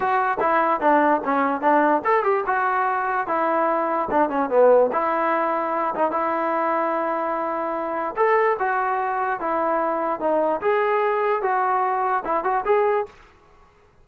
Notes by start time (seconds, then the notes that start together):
0.00 F#4
0.40 E4
0.80 D4
1.24 C#4
1.61 D4
2.04 A4
2.23 G4
2.46 F#4
3.27 E4
4.10 D4
4.29 C#4
4.49 B3
4.92 E4
5.94 D#4
6.11 E4
8.16 A4
8.59 F#4
9.40 E4
10.19 D#4
10.61 G#4
11.42 F#4
12.24 E4
12.43 F#4
12.65 G#4